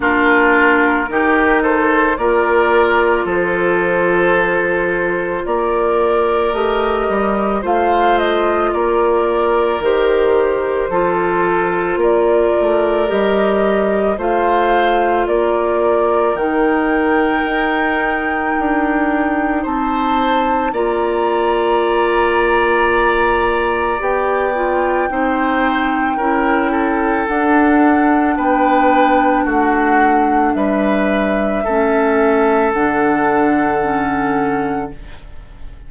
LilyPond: <<
  \new Staff \with { instrumentName = "flute" } { \time 4/4 \tempo 4 = 55 ais'4. c''8 d''4 c''4~ | c''4 d''4 dis''4 f''8 dis''8 | d''4 c''2 d''4 | dis''4 f''4 d''4 g''4~ |
g''2 a''4 ais''4~ | ais''2 g''2~ | g''4 fis''4 g''4 fis''4 | e''2 fis''2 | }
  \new Staff \with { instrumentName = "oboe" } { \time 4/4 f'4 g'8 a'8 ais'4 a'4~ | a'4 ais'2 c''4 | ais'2 a'4 ais'4~ | ais'4 c''4 ais'2~ |
ais'2 c''4 d''4~ | d''2. c''4 | ais'8 a'4. b'4 fis'4 | b'4 a'2. | }
  \new Staff \with { instrumentName = "clarinet" } { \time 4/4 d'4 dis'4 f'2~ | f'2 g'4 f'4~ | f'4 g'4 f'2 | g'4 f'2 dis'4~ |
dis'2. f'4~ | f'2 g'8 f'8 dis'4 | e'4 d'2.~ | d'4 cis'4 d'4 cis'4 | }
  \new Staff \with { instrumentName = "bassoon" } { \time 4/4 ais4 dis4 ais4 f4~ | f4 ais4 a8 g8 a4 | ais4 dis4 f4 ais8 a8 | g4 a4 ais4 dis4 |
dis'4 d'4 c'4 ais4~ | ais2 b4 c'4 | cis'4 d'4 b4 a4 | g4 a4 d2 | }
>>